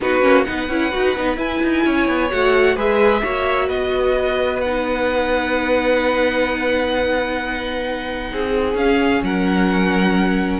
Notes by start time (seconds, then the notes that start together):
0.00 B3 D#4 F#4 B4
0.21 A#3 C#4
0.44 B3 D#4 B4 F#5
0.68 C#4 E4
0.91 D#4 F#4
1.16 B3 D#4
1.36 E4 G#5
1.62 D#4
1.85 C#4 C#5
2.08 B3
2.30 A3 F#4 F#5
2.75 G#3 G#4 B4 E5
3.23 A#3 F#4 C#5
3.67 B3 B4 D#5
4.60 D#4 F#5
8.32 C4 G#4
8.74 C#4 F5
9.22 F#3 A#4 F#5